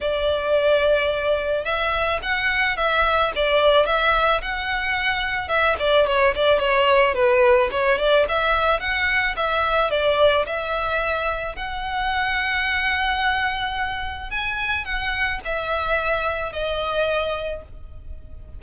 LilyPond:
\new Staff \with { instrumentName = "violin" } { \time 4/4 \tempo 4 = 109 d''2. e''4 | fis''4 e''4 d''4 e''4 | fis''2 e''8 d''8 cis''8 d''8 | cis''4 b'4 cis''8 d''8 e''4 |
fis''4 e''4 d''4 e''4~ | e''4 fis''2.~ | fis''2 gis''4 fis''4 | e''2 dis''2 | }